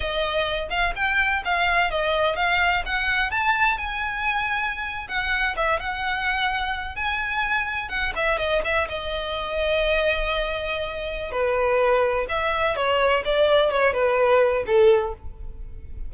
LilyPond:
\new Staff \with { instrumentName = "violin" } { \time 4/4 \tempo 4 = 127 dis''4. f''8 g''4 f''4 | dis''4 f''4 fis''4 a''4 | gis''2~ gis''8. fis''4 e''16~ | e''16 fis''2~ fis''8 gis''4~ gis''16~ |
gis''8. fis''8 e''8 dis''8 e''8 dis''4~ dis''16~ | dis''1 | b'2 e''4 cis''4 | d''4 cis''8 b'4. a'4 | }